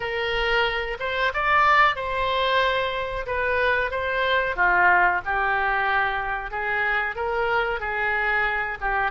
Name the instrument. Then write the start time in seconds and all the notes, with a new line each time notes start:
oboe
0.00 A#4
0.99 C5
1.33 D5
1.95 C5
3.26 B4
3.90 C5
4.56 F4
5.25 G4
6.50 G#4
7.15 A#4
7.80 G#4
8.80 G4